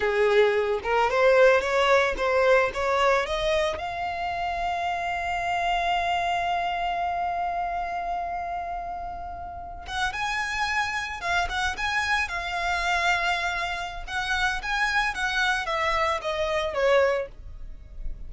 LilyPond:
\new Staff \with { instrumentName = "violin" } { \time 4/4 \tempo 4 = 111 gis'4. ais'8 c''4 cis''4 | c''4 cis''4 dis''4 f''4~ | f''1~ | f''1~ |
f''2~ f''16 fis''8 gis''4~ gis''16~ | gis''8. f''8 fis''8 gis''4 f''4~ f''16~ | f''2 fis''4 gis''4 | fis''4 e''4 dis''4 cis''4 | }